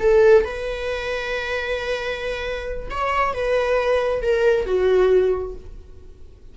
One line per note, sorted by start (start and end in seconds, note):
0.00 0.44 A4
0.44 2.89 B4
2.91 3.34 C#5
3.34 4.22 B4
4.22 4.66 A#4
4.66 5.55 F#4